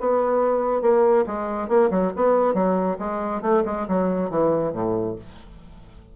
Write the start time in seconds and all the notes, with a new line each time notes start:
0.00 B3
0.82 A#3
1.27 G#3
1.68 A#3
1.91 F#3
2.16 B3
2.54 F#3
2.99 G#3
3.42 A3
3.65 G#3
3.88 F#3
4.30 E3
4.73 A2